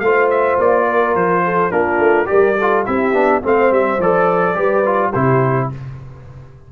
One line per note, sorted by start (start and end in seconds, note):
0.00 0.57 A3
0.00 1.71 F4
0.00 0.86 C5
0.00 0.28 F5
0.31 0.59 E5
0.58 1.15 A#3
0.58 1.16 D5
0.86 1.43 A#4
1.15 1.71 F3
1.15 1.71 C5
1.44 1.71 A4
1.71 1.99 A#3
1.71 2.26 D4
1.71 2.28 F4
1.71 2.27 A#4
1.99 2.27 A3
2.26 2.54 G4
2.26 2.58 A#4
2.26 2.83 D5
2.32 2.88 G3
2.58 2.86 F4
2.58 2.86 A4
2.86 3.13 C4
2.86 3.14 E4
2.86 3.43 G4
2.86 3.42 E5
3.13 3.42 B3
3.13 3.42 D4
3.42 3.71 A3
3.42 3.99 C4
3.42 4.56 C5
3.42 3.73 F5
3.71 3.99 G3
3.71 4.01 E5
3.99 4.55 F3
3.99 4.55 A4
3.99 5.12 D5
4.55 5.13 G3
4.55 4.83 G4
4.55 5.09 B4
4.85 5.14 F4
5.09 5.72 C3
5.09 5.72 E4
5.09 5.66 G4
5.09 5.69 C5